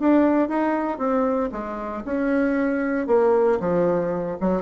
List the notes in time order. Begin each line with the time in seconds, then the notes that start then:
0.00 D4
0.49 D#4
0.98 C4
1.52 G#3
2.05 C#4
3.07 A#3
3.60 F3
4.41 F#3